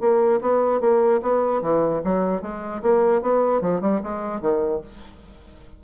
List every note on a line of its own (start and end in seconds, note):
0.00 0.40 A#3
0.41 0.80 B3
0.80 1.20 A#3
1.22 1.61 B3
1.61 2.01 E3
2.04 2.41 F#3
2.41 2.81 G#3
2.82 3.21 A#3
3.21 3.61 B3
3.61 3.81 F3
3.81 4.01 G3
4.03 4.41 G#3
4.41 4.81 D#3